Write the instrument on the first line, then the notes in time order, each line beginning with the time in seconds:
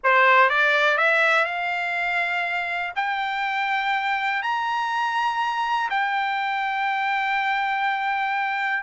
trumpet
0.03 C5
0.49 D5
0.97 E5
1.45 F5
2.95 G5
4.42 A#5
5.89 G5